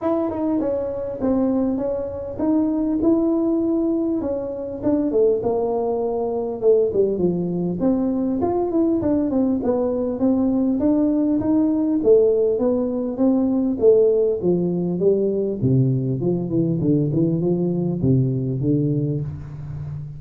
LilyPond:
\new Staff \with { instrumentName = "tuba" } { \time 4/4 \tempo 4 = 100 e'8 dis'8 cis'4 c'4 cis'4 | dis'4 e'2 cis'4 | d'8 a8 ais2 a8 g8 | f4 c'4 f'8 e'8 d'8 c'8 |
b4 c'4 d'4 dis'4 | a4 b4 c'4 a4 | f4 g4 c4 f8 e8 | d8 e8 f4 c4 d4 | }